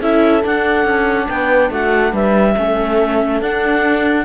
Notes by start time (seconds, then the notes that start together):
0.00 C#4 E4 A4 E5
0.41 D4 F#5
0.85 C#4
1.28 B3 B4 G5
1.70 A3 F#4 F#5
2.12 G3 B4 E5
2.57 A3 C#4 A4
3.40 D4 F#5